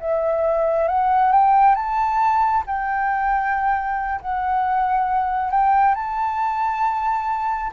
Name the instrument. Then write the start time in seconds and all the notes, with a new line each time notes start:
flute
0.00 E5
0.88 F#5
1.32 G5
1.75 A5
2.67 G5
4.22 F#5
5.51 G5
5.95 A5